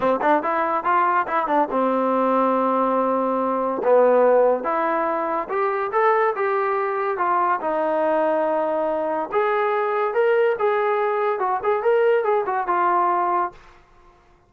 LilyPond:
\new Staff \with { instrumentName = "trombone" } { \time 4/4 \tempo 4 = 142 c'8 d'8 e'4 f'4 e'8 d'8 | c'1~ | c'4 b2 e'4~ | e'4 g'4 a'4 g'4~ |
g'4 f'4 dis'2~ | dis'2 gis'2 | ais'4 gis'2 fis'8 gis'8 | ais'4 gis'8 fis'8 f'2 | }